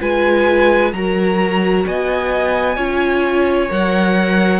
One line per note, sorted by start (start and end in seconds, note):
0.00 0.93 G#3
0.00 0.92 F4
0.00 0.93 B4
0.00 0.93 G#5
0.93 1.85 F#3
0.93 2.77 F#4
0.93 1.87 A#4
0.93 1.85 A#5
1.87 2.77 B3
1.87 2.76 D#5
1.87 3.71 G#5
2.76 3.69 C#4
2.76 3.69 F4
2.76 4.60 C#5
3.69 4.60 F#3
3.69 4.60 A#4
3.69 4.60 F#5